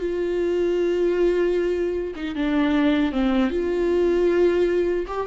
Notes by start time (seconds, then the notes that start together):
0.00 F4
2.16 D#4
2.36 D4
3.12 C4
3.50 F4
5.08 G4